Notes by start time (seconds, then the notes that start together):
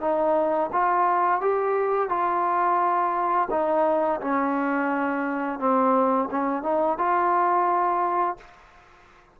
0.00 D#4
0.72 F4
1.41 G4
2.09 F4
3.50 D#4
4.21 C#4
5.59 C4
6.31 C#4
6.63 D#4
6.98 F4